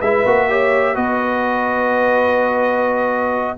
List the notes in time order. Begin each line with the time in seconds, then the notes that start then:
0.00 G#3 E4 B4 E5
0.25 A#3 F#4
0.49 G4 C#5
0.95 B3 F#4 B4 D#5